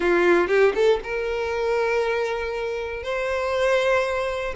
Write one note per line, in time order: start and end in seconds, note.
0.00 0.47 F4
0.47 0.73 G4
0.74 1.00 A4
1.03 3.03 A#4
3.03 4.54 C5